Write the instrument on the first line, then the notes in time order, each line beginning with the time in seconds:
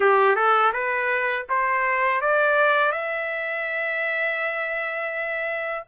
trumpet
0.00 G4
0.35 A4
0.72 B4
1.49 C5
2.21 D5
2.91 E5